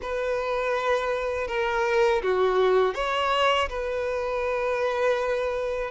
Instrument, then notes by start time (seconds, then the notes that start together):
violin
0.02 B4
1.47 A#4
2.22 F#4
2.94 C#5
3.69 B4